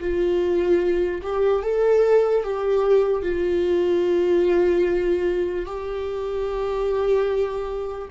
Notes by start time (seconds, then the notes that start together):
0.00 F4
1.22 G4
1.63 A4
2.44 G4
3.22 F4
5.65 G4